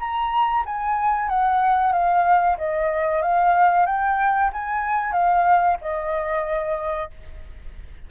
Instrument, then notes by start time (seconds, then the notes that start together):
flute
0.00 A#5
0.66 G#5
1.29 F#5
1.93 F5
2.58 D#5
3.22 F5
3.87 G5
4.53 G#5
5.13 F5
5.82 D#5